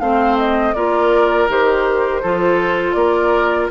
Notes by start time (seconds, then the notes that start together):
0.00 A3 C4 C5 F5
0.38 D#5
0.74 A#3 F4 A#4 D5
1.48 D#3 G4 C5
2.22 F3 F4 A4
2.93 A#3 A#4 D5